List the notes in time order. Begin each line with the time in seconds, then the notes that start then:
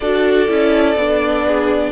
0.00 D4 F#4 A4 D5
0.47 C#4 E4
0.96 B3 D4
1.47 G#4